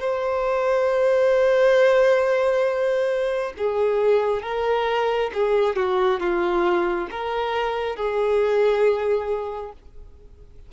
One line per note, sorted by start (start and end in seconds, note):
0.00 3.53 C5
3.58 4.43 G#4
4.43 5.31 A#4
5.34 5.76 G#4
5.76 6.20 F#4
6.20 7.09 F4
7.11 7.96 A#4
7.96 9.73 G#4